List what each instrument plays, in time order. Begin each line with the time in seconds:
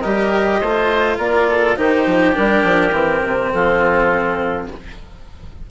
0.00 bassoon G3, cello G4, oboe A#4, clarinet D#5
0.60 bassoon A3, cello F4, oboe C5
1.18 bassoon A#3, oboe A#4, clarinet D5
1.49 oboe A4
1.76 bassoon D#3, cello D#4, oboe G4, clarinet C5
2.06 bassoon F3
2.33 bassoon G3, cello D4, clarinet A#4
2.64 bassoon F3
2.92 bassoon E3, cello C4
3.23 bassoon C3
3.52 bassoon F3, oboe F4, clarinet A4